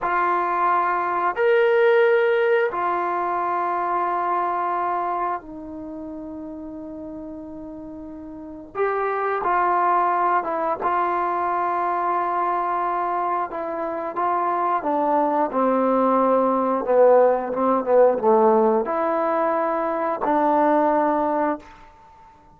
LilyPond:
\new Staff \with { instrumentName = "trombone" } { \time 4/4 \tempo 4 = 89 f'2 ais'2 | f'1 | dis'1~ | dis'4 g'4 f'4. e'8 |
f'1 | e'4 f'4 d'4 c'4~ | c'4 b4 c'8 b8 a4 | e'2 d'2 | }